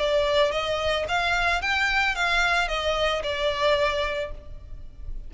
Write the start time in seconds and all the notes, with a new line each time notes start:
0.00 D5
0.52 D#5
1.09 F5
1.62 G5
2.15 F5
2.69 D#5
3.24 D5